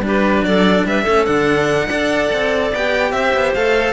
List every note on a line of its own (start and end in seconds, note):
0.00 0.41 G3
0.00 1.06 D4
0.06 0.46 G4
0.06 0.45 B4
0.42 0.84 F#3
0.42 0.87 A4
0.42 0.86 D5
0.85 1.06 G3
0.85 1.03 B4
0.85 1.25 E5
1.03 1.27 A3
1.03 1.27 C#4
1.03 1.86 A4
1.25 1.88 D3
1.25 1.89 D4
1.25 2.70 F#5
1.88 2.29 D4
1.88 2.74 A4
1.88 3.12 D5
2.32 2.73 C4
2.73 3.13 B3
2.73 3.57 G4
2.73 3.12 G5
3.12 3.34 C4
3.12 3.93 C5
3.12 3.53 E5
3.34 3.55 B3
3.54 3.93 A3
3.54 3.93 A4
3.54 3.93 F5